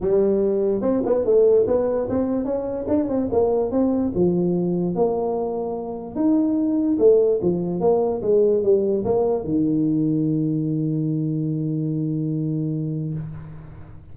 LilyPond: \new Staff \with { instrumentName = "tuba" } { \time 4/4 \tempo 4 = 146 g2 c'8 b8 a4 | b4 c'4 cis'4 d'8 c'8 | ais4 c'4 f2 | ais2. dis'4~ |
dis'4 a4 f4 ais4 | gis4 g4 ais4 dis4~ | dis1~ | dis1 | }